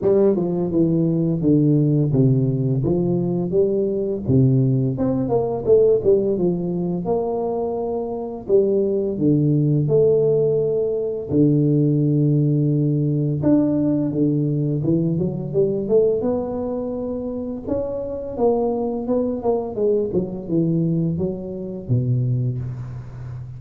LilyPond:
\new Staff \with { instrumentName = "tuba" } { \time 4/4 \tempo 4 = 85 g8 f8 e4 d4 c4 | f4 g4 c4 c'8 ais8 | a8 g8 f4 ais2 | g4 d4 a2 |
d2. d'4 | d4 e8 fis8 g8 a8 b4~ | b4 cis'4 ais4 b8 ais8 | gis8 fis8 e4 fis4 b,4 | }